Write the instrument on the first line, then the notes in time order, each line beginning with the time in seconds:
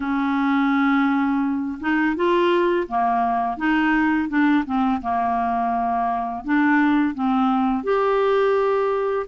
clarinet
0.00 C#4
1.80 D#4
2.16 F4
2.87 A#3
3.57 D#4
4.28 D4
4.65 C4
5.01 A#3
6.44 D4
7.14 C4
7.83 G4